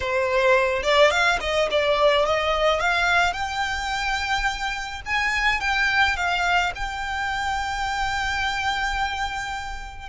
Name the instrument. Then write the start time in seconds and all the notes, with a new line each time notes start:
violin
0.00 C5
0.83 D5
1.11 F5
1.40 D#5
1.70 D5
2.25 D#5
2.80 F5
3.33 G5
5.05 G#5
5.60 G5
6.16 F5
6.75 G5